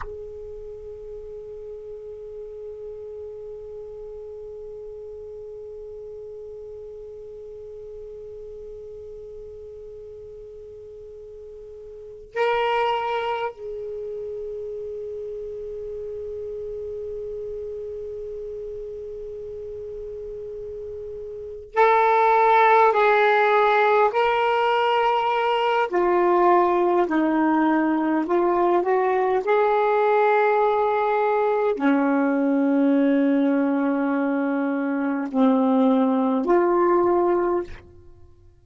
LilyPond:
\new Staff \with { instrumentName = "saxophone" } { \time 4/4 \tempo 4 = 51 gis'1~ | gis'1~ | gis'2~ gis'8 ais'4 gis'8~ | gis'1~ |
gis'2~ gis'8 a'4 gis'8~ | gis'8 ais'4. f'4 dis'4 | f'8 fis'8 gis'2 cis'4~ | cis'2 c'4 f'4 | }